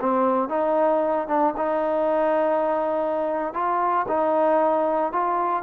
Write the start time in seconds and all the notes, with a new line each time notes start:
0.00 C4
0.49 D#4
1.28 D4
1.57 D#4
3.54 F4
4.08 D#4
5.12 F4